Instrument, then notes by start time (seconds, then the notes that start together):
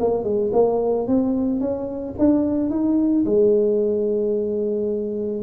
tuba
0.00 A#3
0.24 G#3
0.53 A#3
1.08 C4
1.61 C#4
2.19 D4
2.70 D#4
3.26 G#3